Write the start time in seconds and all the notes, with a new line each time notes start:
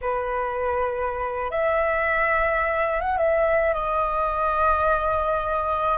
0.01 B4
1.50 E5
3.00 F#5
3.17 E5
3.73 D#5